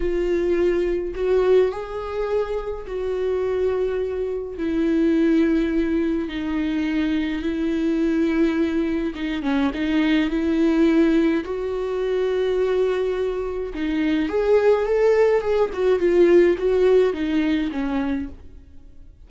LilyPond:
\new Staff \with { instrumentName = "viola" } { \time 4/4 \tempo 4 = 105 f'2 fis'4 gis'4~ | gis'4 fis'2. | e'2. dis'4~ | dis'4 e'2. |
dis'8 cis'8 dis'4 e'2 | fis'1 | dis'4 gis'4 a'4 gis'8 fis'8 | f'4 fis'4 dis'4 cis'4 | }